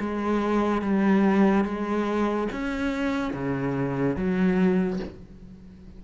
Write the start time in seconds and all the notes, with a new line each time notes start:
0.00 G#3
0.82 G3
1.65 G#3
2.52 C#4
3.34 C#3
4.17 F#3